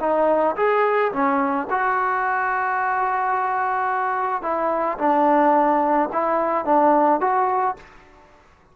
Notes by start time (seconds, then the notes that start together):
0.00 D#4
0.56 G#4
1.12 C#4
1.70 F#4
4.42 E4
4.98 D4
6.12 E4
6.65 D4
7.20 F#4